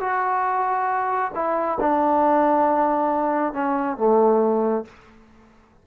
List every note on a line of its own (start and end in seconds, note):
0.00 1.31 F#4
1.35 1.78 E4
1.80 3.53 D4
3.53 3.97 C#4
3.97 4.85 A3